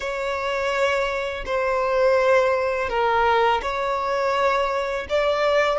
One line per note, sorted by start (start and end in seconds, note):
0.00 1.44 C#5
1.45 2.89 C5
2.89 3.61 A#4
3.62 5.06 C#5
5.09 5.78 D5